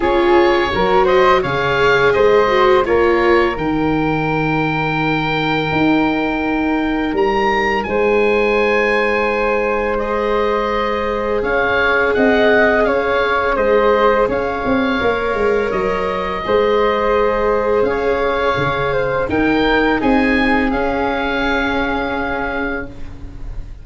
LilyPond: <<
  \new Staff \with { instrumentName = "oboe" } { \time 4/4 \tempo 4 = 84 cis''4. dis''8 f''4 dis''4 | cis''4 g''2.~ | g''2 ais''4 gis''4~ | gis''2 dis''2 |
f''4 fis''4 f''4 dis''4 | f''2 dis''2~ | dis''4 f''2 g''4 | gis''4 f''2. | }
  \new Staff \with { instrumentName = "flute" } { \time 4/4 gis'4 ais'8 c''8 cis''4 c''4 | ais'1~ | ais'2. c''4~ | c''1 |
cis''4 dis''4 cis''4 c''4 | cis''2. c''4~ | c''4 cis''4. c''8 ais'4 | gis'1 | }
  \new Staff \with { instrumentName = "viola" } { \time 4/4 f'4 fis'4 gis'4. fis'8 | f'4 dis'2.~ | dis'1~ | dis'2 gis'2~ |
gis'1~ | gis'4 ais'2 gis'4~ | gis'2. dis'4~ | dis'4 cis'2. | }
  \new Staff \with { instrumentName = "tuba" } { \time 4/4 cis'4 fis4 cis4 gis4 | ais4 dis2. | dis'2 g4 gis4~ | gis1 |
cis'4 c'4 cis'4 gis4 | cis'8 c'8 ais8 gis8 fis4 gis4~ | gis4 cis'4 cis4 dis'4 | c'4 cis'2. | }
>>